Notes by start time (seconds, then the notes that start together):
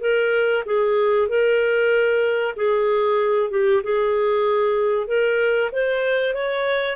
0.00 A#4
0.65 G#4
1.28 A#4
2.56 G#4
3.50 G4
3.83 G#4
5.07 A#4
5.72 C5
6.34 C#5